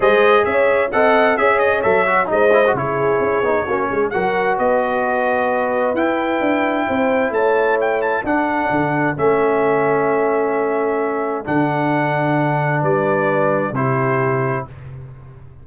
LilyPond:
<<
  \new Staff \with { instrumentName = "trumpet" } { \time 4/4 \tempo 4 = 131 dis''4 e''4 fis''4 e''8 dis''8 | e''4 dis''4 cis''2~ | cis''4 fis''4 dis''2~ | dis''4 g''2. |
a''4 g''8 a''8 fis''2 | e''1~ | e''4 fis''2. | d''2 c''2 | }
  \new Staff \with { instrumentName = "horn" } { \time 4/4 c''4 cis''4 dis''4 cis''4~ | cis''4 c''4 gis'2 | fis'8 gis'8 ais'4 b'2~ | b'2. c''4 |
cis''2 a'2~ | a'1~ | a'1 | b'2 g'2 | }
  \new Staff \with { instrumentName = "trombone" } { \time 4/4 gis'2 a'4 gis'4 | a'8 fis'8 dis'8 e'16 fis'16 e'4. dis'8 | cis'4 fis'2.~ | fis'4 e'2.~ |
e'2 d'2 | cis'1~ | cis'4 d'2.~ | d'2 e'2 | }
  \new Staff \with { instrumentName = "tuba" } { \time 4/4 gis4 cis'4 c'4 cis'4 | fis4 gis4 cis4 cis'8 b8 | ais8 gis8 fis4 b2~ | b4 e'4 d'4 c'4 |
a2 d'4 d4 | a1~ | a4 d2. | g2 c2 | }
>>